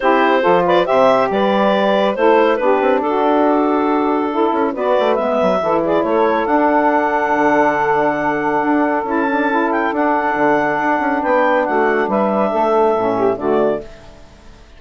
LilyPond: <<
  \new Staff \with { instrumentName = "clarinet" } { \time 4/4 \tempo 4 = 139 c''4. d''8 e''4 d''4~ | d''4 c''4 b'4 a'4~ | a'2. d''4 | e''4. d''8 cis''4 fis''4~ |
fis''1~ | fis''4 a''4. g''8 fis''4~ | fis''2 g''4 fis''4 | e''2. d''4 | }
  \new Staff \with { instrumentName = "saxophone" } { \time 4/4 g'4 a'8 b'8 c''4 b'4~ | b'4 a'4 g'4 fis'4~ | fis'2 a'4 b'4~ | b'4 a'8 gis'8 a'2~ |
a'1~ | a'1~ | a'2 b'4 fis'4 | b'4 a'4. g'8 fis'4 | }
  \new Staff \with { instrumentName = "saxophone" } { \time 4/4 e'4 f'4 g'2~ | g'4 e'4 d'2~ | d'2 e'4 fis'4 | b4 e'2 d'4~ |
d'1~ | d'4 e'8 d'8 e'4 d'4~ | d'1~ | d'2 cis'4 a4 | }
  \new Staff \with { instrumentName = "bassoon" } { \time 4/4 c'4 f4 c4 g4~ | g4 a4 b8 c'8 d'4~ | d'2~ d'8 cis'8 b8 a8 | gis8 fis8 e4 a4 d'4~ |
d'4 d2. | d'4 cis'2 d'4 | d4 d'8 cis'8 b4 a4 | g4 a4 a,4 d4 | }
>>